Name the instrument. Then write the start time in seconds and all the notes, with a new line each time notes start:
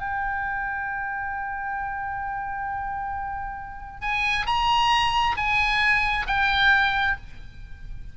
oboe
0.00 G5
4.01 G#5
4.47 A#5
5.37 G#5
6.27 G5